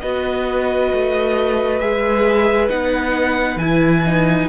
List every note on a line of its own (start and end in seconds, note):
0.00 0.93 B3
0.00 1.81 F#4
0.00 4.49 B4
0.00 1.79 D#5
0.93 1.81 A3
1.79 2.69 G#3
1.79 2.69 G#4
1.79 2.68 E5
2.69 3.56 B3
2.69 3.59 D#4
2.69 3.58 F#5
3.56 4.46 E3
3.56 4.04 E4
3.56 4.48 G#5
4.06 4.49 D#4